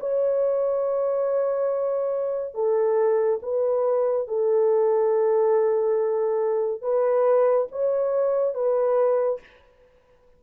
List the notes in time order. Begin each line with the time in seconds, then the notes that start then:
0.00 C#5
2.54 A4
3.42 B4
4.27 A4
6.82 B4
7.71 C#5
8.54 B4